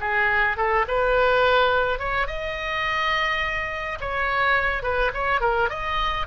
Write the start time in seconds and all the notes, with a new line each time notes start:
0.00 G#4
0.57 A4
0.88 B4
1.99 C#5
2.27 D#5
4.01 C#5
4.83 B4
5.14 C#5
5.41 A#4
5.69 D#5